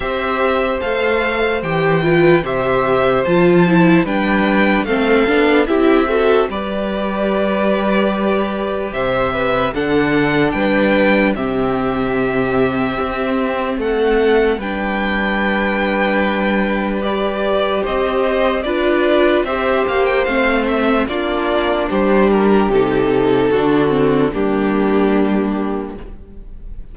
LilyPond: <<
  \new Staff \with { instrumentName = "violin" } { \time 4/4 \tempo 4 = 74 e''4 f''4 g''4 e''4 | a''4 g''4 f''4 e''4 | d''2. e''4 | fis''4 g''4 e''2~ |
e''4 fis''4 g''2~ | g''4 d''4 dis''4 d''4 | e''8 f''16 g''16 f''8 e''8 d''4 c''8 ais'8 | a'2 g'2 | }
  \new Staff \with { instrumentName = "violin" } { \time 4/4 c''2~ c''8 b'8 c''4~ | c''4 b'4 a'4 g'8 a'8 | b'2. c''8 b'8 | a'4 b'4 g'2~ |
g'4 a'4 b'2~ | b'2 c''4 b'4 | c''2 f'4 g'4~ | g'4 fis'4 d'2 | }
  \new Staff \with { instrumentName = "viola" } { \time 4/4 g'4 a'4 g'8 f'8 g'4 | f'8 e'8 d'4 c'8 d'8 e'8 fis'8 | g'1 | d'2 c'2~ |
c'2 d'2~ | d'4 g'2 f'4 | g'4 c'4 d'2 | dis'4 d'8 c'8 ais2 | }
  \new Staff \with { instrumentName = "cello" } { \time 4/4 c'4 a4 e4 c4 | f4 g4 a8 b8 c'4 | g2. c4 | d4 g4 c2 |
c'4 a4 g2~ | g2 c'4 d'4 | c'8 ais8 a4 ais4 g4 | c4 d4 g2 | }
>>